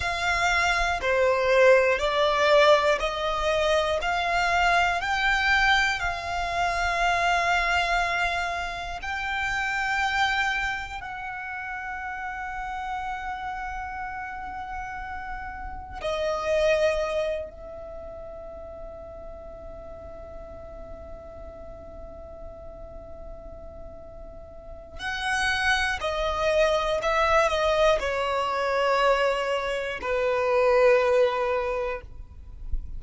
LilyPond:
\new Staff \with { instrumentName = "violin" } { \time 4/4 \tempo 4 = 60 f''4 c''4 d''4 dis''4 | f''4 g''4 f''2~ | f''4 g''2 fis''4~ | fis''1 |
dis''4. e''2~ e''8~ | e''1~ | e''4 fis''4 dis''4 e''8 dis''8 | cis''2 b'2 | }